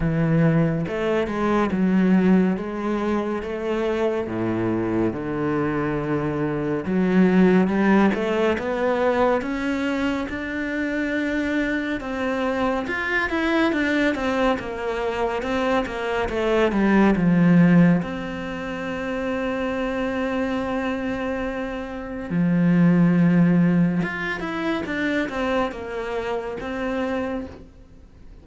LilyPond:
\new Staff \with { instrumentName = "cello" } { \time 4/4 \tempo 4 = 70 e4 a8 gis8 fis4 gis4 | a4 a,4 d2 | fis4 g8 a8 b4 cis'4 | d'2 c'4 f'8 e'8 |
d'8 c'8 ais4 c'8 ais8 a8 g8 | f4 c'2.~ | c'2 f2 | f'8 e'8 d'8 c'8 ais4 c'4 | }